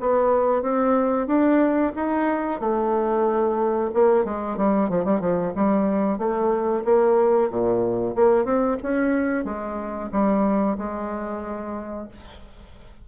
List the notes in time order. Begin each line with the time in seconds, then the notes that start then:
0.00 B3
0.62 C4
1.27 D4
1.96 D#4
2.60 A3
3.94 A#3
4.25 G#3
4.57 G3
4.89 F3
5.04 G3
5.20 F3
5.55 G3
6.18 A3
6.84 A#3
7.50 A#2
8.16 A#3
8.44 C4
8.83 C#4
9.44 G#3
10.11 G3
10.78 G#3